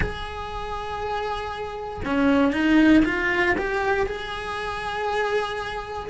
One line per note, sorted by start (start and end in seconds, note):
0.00 2.01 G#4
2.04 2.52 C#4
2.52 3.03 D#4
3.05 3.55 F4
3.58 4.06 G4
4.06 6.09 G#4